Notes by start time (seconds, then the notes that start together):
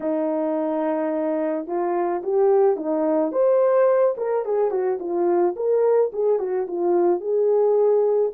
0.00 D#4
1.66 F4
2.23 G4
2.76 D#4
3.32 C5
4.17 A#4
4.45 G#4
4.70 F#4
4.99 F4
5.56 A#4
6.12 G#4
6.39 F#4
6.67 F4
7.20 G#4